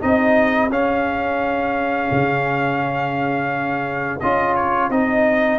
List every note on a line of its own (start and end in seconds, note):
0.00 0.70 C4
0.00 0.70 D#4
0.00 5.59 G#4
0.00 0.71 D#5
0.70 2.09 C#4
0.70 4.20 C#4
0.70 4.20 F5
2.11 4.20 C#3
4.20 4.89 C#4
4.20 4.91 F4
4.20 4.55 D#5
4.55 4.90 C#5
4.89 5.59 C4
4.89 5.59 D#4
4.89 5.59 D#5